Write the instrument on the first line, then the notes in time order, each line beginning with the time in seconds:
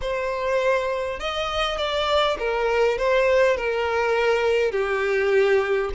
violin
0.01 C5
1.19 D#5
1.77 D5
2.38 A#4
2.98 C5
3.56 A#4
4.71 G4